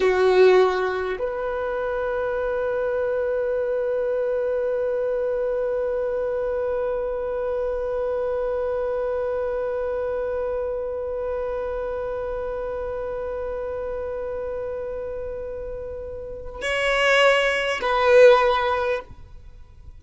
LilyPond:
\new Staff \with { instrumentName = "violin" } { \time 4/4 \tempo 4 = 101 fis'2 b'2~ | b'1~ | b'1~ | b'1~ |
b'1~ | b'1~ | b'1 | cis''2 b'2 | }